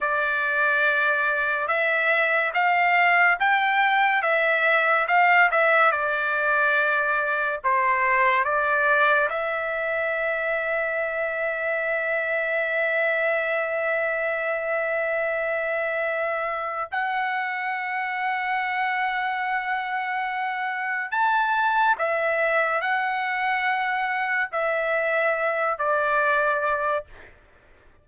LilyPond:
\new Staff \with { instrumentName = "trumpet" } { \time 4/4 \tempo 4 = 71 d''2 e''4 f''4 | g''4 e''4 f''8 e''8 d''4~ | d''4 c''4 d''4 e''4~ | e''1~ |
e''1 | fis''1~ | fis''4 a''4 e''4 fis''4~ | fis''4 e''4. d''4. | }